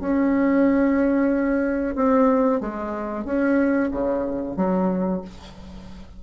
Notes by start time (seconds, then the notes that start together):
0.00 C#4
1.95 C4
2.61 G#3
3.25 C#4
3.91 C#3
4.56 F#3